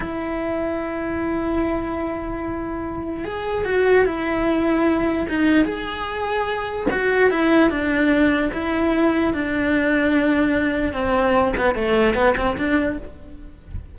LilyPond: \new Staff \with { instrumentName = "cello" } { \time 4/4 \tempo 4 = 148 e'1~ | e'1 | gis'4 fis'4 e'2~ | e'4 dis'4 gis'2~ |
gis'4 fis'4 e'4 d'4~ | d'4 e'2 d'4~ | d'2. c'4~ | c'8 b8 a4 b8 c'8 d'4 | }